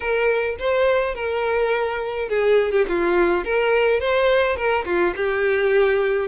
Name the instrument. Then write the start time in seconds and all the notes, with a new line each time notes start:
violin
0.00 A#4
0.59 C5
1.14 A#4
2.28 G#4
2.71 G4
2.88 F4
3.44 A#4
4.00 C5
4.56 A#4
4.85 F4
5.16 G4